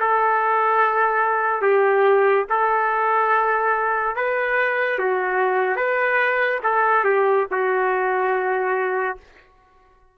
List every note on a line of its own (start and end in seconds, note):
0.00 1.62 A4
1.62 2.45 G4
2.50 4.16 A4
4.16 4.99 B4
4.99 5.77 F#4
5.77 6.60 B4
6.64 7.05 A4
7.05 7.46 G4
7.51 9.18 F#4